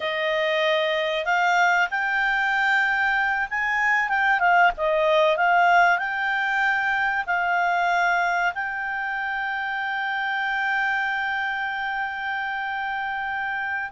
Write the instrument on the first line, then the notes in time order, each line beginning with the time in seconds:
clarinet
0.00 D#5
1.25 F5
1.90 G5
3.49 G#5
4.08 G5
4.39 F5
4.77 D#5
5.37 F5
5.98 G5
7.26 F5
8.54 G5